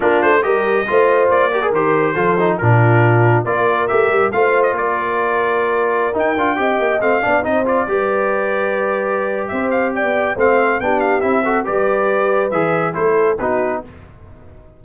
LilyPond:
<<
  \new Staff \with { instrumentName = "trumpet" } { \time 4/4 \tempo 4 = 139 ais'8 c''8 dis''2 d''4 | c''2 ais'2 | d''4 e''4 f''8. dis''16 d''4~ | d''2~ d''16 g''4.~ g''16~ |
g''16 f''4 dis''8 d''2~ d''16~ | d''2 e''8 f''8 g''4 | f''4 g''8 f''8 e''4 d''4~ | d''4 e''4 c''4 b'4 | }
  \new Staff \with { instrumentName = "horn" } { \time 4/4 f'4 ais'4 c''4. ais'8~ | ais'4 a'4 f'2 | ais'2 c''4 ais'4~ | ais'2.~ ais'16 dis''8.~ |
dis''8. d''8 c''4 b'4.~ b'16~ | b'2 c''4 d''4 | c''4 g'4. a'8 b'4~ | b'2 a'4 fis'4 | }
  \new Staff \with { instrumentName = "trombone" } { \time 4/4 d'4 g'4 f'4. g'16 gis'16 | g'4 f'8 dis'8 d'2 | f'4 g'4 f'2~ | f'2~ f'16 dis'8 f'8 g'8.~ |
g'16 c'8 d'8 dis'8 f'8 g'4.~ g'16~ | g'1 | c'4 d'4 e'8 fis'8 g'4~ | g'4 gis'4 e'4 dis'4 | }
  \new Staff \with { instrumentName = "tuba" } { \time 4/4 ais8 a8 g4 a4 ais4 | dis4 f4 ais,2 | ais4 a8 g8 a4 ais4~ | ais2~ ais16 dis'8 d'8 c'8 ais16~ |
ais16 a8 b8 c'4 g4.~ g16~ | g2 c'4~ c'16 b8. | a4 b4 c'4 g4~ | g4 e4 a4 b4 | }
>>